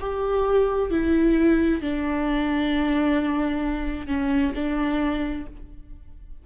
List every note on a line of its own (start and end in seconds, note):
0.00 0.91 G4
0.91 1.81 E4
1.81 4.07 D4
4.07 4.53 C#4
4.55 5.46 D4